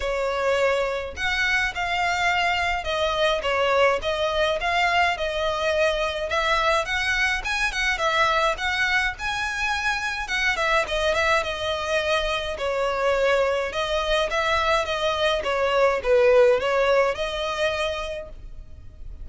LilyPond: \new Staff \with { instrumentName = "violin" } { \time 4/4 \tempo 4 = 105 cis''2 fis''4 f''4~ | f''4 dis''4 cis''4 dis''4 | f''4 dis''2 e''4 | fis''4 gis''8 fis''8 e''4 fis''4 |
gis''2 fis''8 e''8 dis''8 e''8 | dis''2 cis''2 | dis''4 e''4 dis''4 cis''4 | b'4 cis''4 dis''2 | }